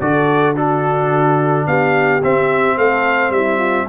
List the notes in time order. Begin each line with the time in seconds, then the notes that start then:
0.00 D3 F#4 A4 D5
0.55 D4 F#4 A4
1.66 B3 G4 F5
2.23 C4 E5
2.77 A3 A4 F5
3.30 G3 E4 E5
3.58 F4